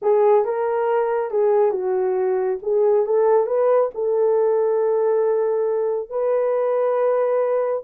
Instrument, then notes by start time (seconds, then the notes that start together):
horn
0.02 G#4
0.44 A#4
1.30 G#4
1.71 F#4
2.62 G#4
3.06 A4
3.46 B4
3.94 A4
6.09 B4